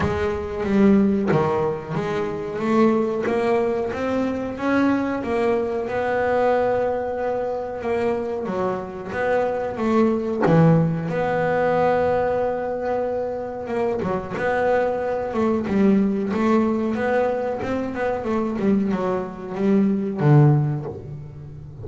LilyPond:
\new Staff \with { instrumentName = "double bass" } { \time 4/4 \tempo 4 = 92 gis4 g4 dis4 gis4 | a4 ais4 c'4 cis'4 | ais4 b2. | ais4 fis4 b4 a4 |
e4 b2.~ | b4 ais8 fis8 b4. a8 | g4 a4 b4 c'8 b8 | a8 g8 fis4 g4 d4 | }